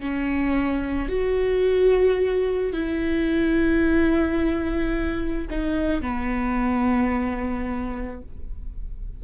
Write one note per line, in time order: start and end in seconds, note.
0.00 1.09 C#4
1.09 2.73 F#4
2.73 5.48 E4
5.50 6.02 D#4
6.02 8.22 B3